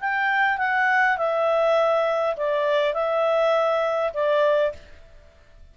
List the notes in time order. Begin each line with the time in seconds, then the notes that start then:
0.00 G5
0.58 F#5
1.17 E5
2.36 D5
2.94 E5
4.13 D5